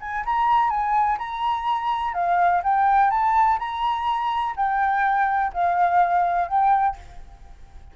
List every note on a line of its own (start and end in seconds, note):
0.00 0.24 G#5
0.26 0.70 A#5
0.70 1.18 G#5
1.18 2.14 A#5
2.14 2.62 F5
2.63 3.10 G5
3.10 3.58 A5
3.59 4.55 A#5
4.56 5.52 G5
5.53 6.48 F5
6.48 6.96 G5